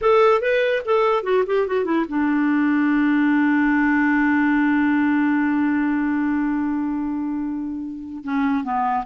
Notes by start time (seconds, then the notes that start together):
0.01 A4
0.41 B4
0.85 A4
1.23 F#4
1.46 G4
1.67 F#4
1.85 E4
2.08 D4
8.24 C#4
8.63 B3